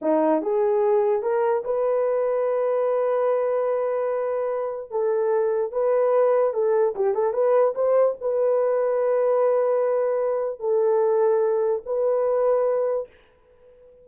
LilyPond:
\new Staff \with { instrumentName = "horn" } { \time 4/4 \tempo 4 = 147 dis'4 gis'2 ais'4 | b'1~ | b'1 | a'2 b'2 |
a'4 g'8 a'8 b'4 c''4 | b'1~ | b'2 a'2~ | a'4 b'2. | }